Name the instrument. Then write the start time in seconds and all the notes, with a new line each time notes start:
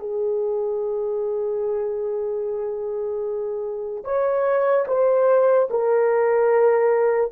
horn
0.00 G#4
4.04 C#5
4.88 C5
5.71 A#4